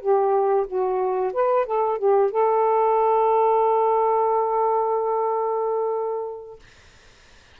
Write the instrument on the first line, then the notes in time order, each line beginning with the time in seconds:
saxophone
0.00 G4
0.67 F#4
1.33 B4
1.66 A4
1.98 G4
2.31 A4